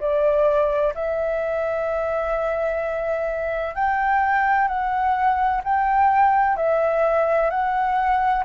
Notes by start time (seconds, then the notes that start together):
0.00 D5
0.95 E5
3.75 G5
4.68 F#5
5.64 G5
6.57 E5
7.50 F#5